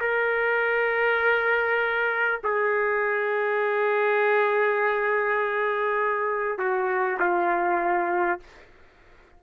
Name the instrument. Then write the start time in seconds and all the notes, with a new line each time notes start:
trumpet
0.00 A#4
2.43 G#4
6.58 F#4
7.19 F4